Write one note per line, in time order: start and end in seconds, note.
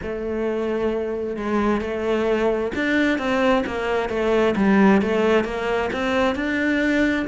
0.02 1.36 A3
1.36 1.81 G#3
1.81 2.71 A3
2.75 3.18 D4
3.18 3.64 C4
3.66 4.09 A#3
4.09 4.55 A3
4.56 5.01 G3
5.01 5.44 A3
5.44 5.90 A#3
5.93 6.35 C4
6.35 7.26 D4